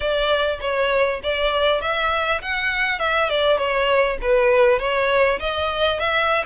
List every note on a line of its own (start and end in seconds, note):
0.00 0.59 D5
0.60 1.20 C#5
1.23 1.81 D5
1.81 2.41 E5
2.41 2.99 F#5
2.99 3.29 E5
3.29 3.57 D5
3.57 4.17 C#5
4.21 4.79 B4
4.79 5.39 C#5
5.39 5.99 D#5
5.99 6.44 E5